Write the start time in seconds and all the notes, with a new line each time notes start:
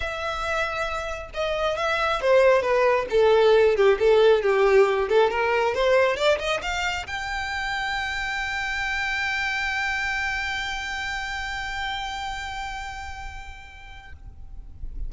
0.00 E5
1.34 D#5
1.77 E5
2.21 C5
2.61 B4
3.10 A4
3.76 G4
3.99 A4
4.42 G4
5.09 A4
5.30 A#4
5.74 C5
6.16 D5
6.39 D#5
6.62 F5
7.06 G5